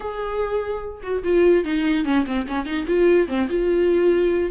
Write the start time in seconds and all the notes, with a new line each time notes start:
0.00 G#4
1.02 F#4
1.23 F4
1.64 D#4
2.04 C#4
2.26 C4
2.47 C#4
2.65 D#4
2.87 F4
3.28 C4
3.49 F4